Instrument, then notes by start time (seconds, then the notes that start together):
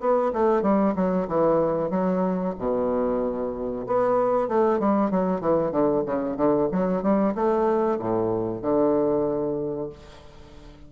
bassoon
0.00 B3
0.33 A3
0.62 G3
0.95 F#3
1.28 E3
1.90 F#3
2.58 B2
3.87 B3
4.48 A3
4.79 G3
5.10 F#3
5.41 E3
5.71 D3
6.06 C#3
6.37 D3
6.72 F#3
7.02 G3
7.35 A3
7.99 A2
8.62 D3